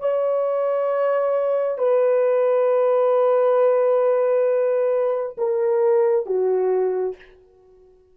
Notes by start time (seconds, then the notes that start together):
0.00 C#5
1.78 B4
5.37 A#4
6.26 F#4